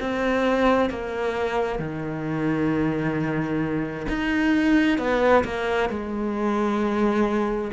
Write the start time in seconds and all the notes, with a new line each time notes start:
0.00 C4
0.90 A#3
1.79 D#3
4.08 D#4
4.98 B3
5.44 A#3
5.89 G#3